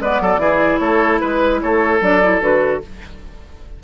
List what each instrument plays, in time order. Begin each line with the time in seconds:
0.00 bassoon G#3, clarinet B3, oboe B4, flute D5
0.20 bassoon F#3, oboe A4
0.37 bassoon E3, clarinet E4, oboe G#4
0.78 bassoon A3, oboe A4, flute C#5
1.20 bassoon G#3, flute B4, oboe B4
1.62 bassoon A3, oboe A4, flute C#5
2.01 bassoon F#3, clarinet D4, flute D5
2.22 clarinet E4
2.41 bassoon D3, clarinet F#4, flute B4